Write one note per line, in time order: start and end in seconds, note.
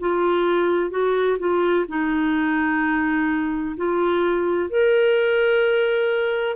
0.00 0.91 F4
0.91 1.38 F#4
1.39 1.86 F4
1.89 3.76 D#4
3.77 4.70 F4
4.70 6.56 A#4